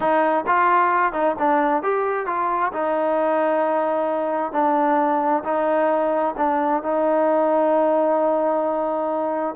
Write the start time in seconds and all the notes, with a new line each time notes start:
0.00 D#4
0.46 F4
1.12 D#4
1.39 D4
1.82 G4
2.26 F4
2.72 D#4
4.52 D4
5.43 D#4
6.37 D4
6.82 D#4